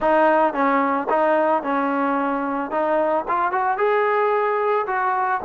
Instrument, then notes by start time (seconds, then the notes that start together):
trombone
0.00 D#4
0.53 C#4
1.09 D#4
1.62 C#4
2.70 D#4
3.28 F4
3.51 F#4
3.77 G#4
4.86 F#4